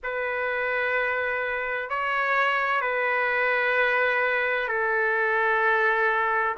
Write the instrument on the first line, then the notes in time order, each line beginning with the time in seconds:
trumpet
0.03 B4
1.89 C#5
2.81 B4
4.67 A4